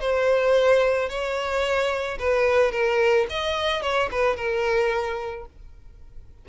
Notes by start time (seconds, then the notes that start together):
0.00 C5
1.09 C#5
2.19 B4
2.71 A#4
3.29 D#5
3.82 C#5
4.11 B4
4.36 A#4